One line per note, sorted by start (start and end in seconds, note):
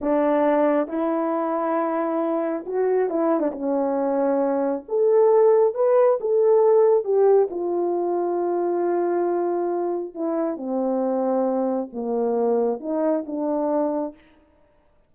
0.01 0.88 D4
0.88 2.64 E4
2.66 3.09 F#4
3.09 3.40 E4
3.40 3.51 D4
3.51 4.84 C#4
4.88 5.74 A4
5.74 6.18 B4
6.20 7.04 A4
7.04 7.48 G4
7.50 10.14 F4
10.14 10.56 E4
10.56 11.89 C4
11.92 12.80 A#3
12.80 13.24 D#4
13.26 14.14 D4